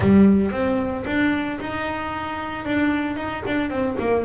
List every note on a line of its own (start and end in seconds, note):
0.00 0.51 G3
0.51 1.04 C4
1.05 1.59 D4
1.59 2.65 D#4
2.65 3.16 D4
3.16 3.43 D#4
3.46 3.70 D4
3.70 3.96 C4
3.99 4.24 A#3